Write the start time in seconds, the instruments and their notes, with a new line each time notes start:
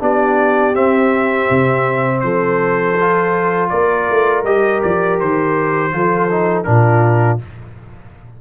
0.00 tuba B3, trombone D4, horn G4, trumpet D5
0.75 trombone C4, tuba C4, trumpet E5
1.50 tuba C3
2.21 tuba F3, horn A4, trumpet C5
3.01 trombone F4
3.70 tuba A#3, horn A#4, trumpet D5
4.10 tuba A3
4.44 tuba G3, trombone G4, trumpet D#5
4.83 tuba F3, trumpet D5
5.20 tuba D#3, trumpet C5
5.92 tuba F3, trombone F4, horn A4
6.31 trombone D#4
6.64 tuba A#2, trombone D4, horn F4, trumpet A#4